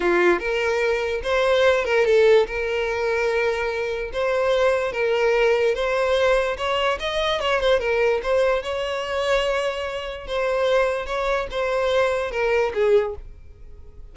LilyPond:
\new Staff \with { instrumentName = "violin" } { \time 4/4 \tempo 4 = 146 f'4 ais'2 c''4~ | c''8 ais'8 a'4 ais'2~ | ais'2 c''2 | ais'2 c''2 |
cis''4 dis''4 cis''8 c''8 ais'4 | c''4 cis''2.~ | cis''4 c''2 cis''4 | c''2 ais'4 gis'4 | }